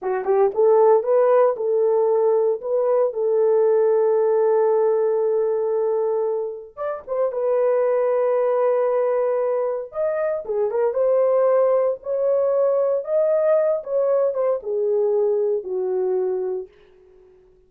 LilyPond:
\new Staff \with { instrumentName = "horn" } { \time 4/4 \tempo 4 = 115 fis'8 g'8 a'4 b'4 a'4~ | a'4 b'4 a'2~ | a'1~ | a'4 d''8 c''8 b'2~ |
b'2. dis''4 | gis'8 ais'8 c''2 cis''4~ | cis''4 dis''4. cis''4 c''8 | gis'2 fis'2 | }